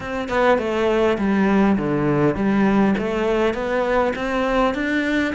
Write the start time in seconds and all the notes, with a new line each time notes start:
0.00 C4
0.28 B3
0.58 A3
1.17 G3
1.77 D3
2.35 G3
2.98 A3
3.53 B3
4.15 C4
4.74 D4